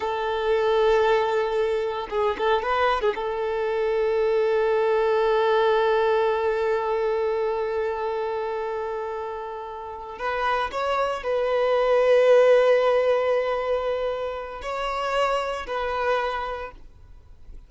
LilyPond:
\new Staff \with { instrumentName = "violin" } { \time 4/4 \tempo 4 = 115 a'1 | gis'8 a'8 b'8. gis'16 a'2~ | a'1~ | a'1~ |
a'2.~ a'8 b'8~ | b'8 cis''4 b'2~ b'8~ | b'1 | cis''2 b'2 | }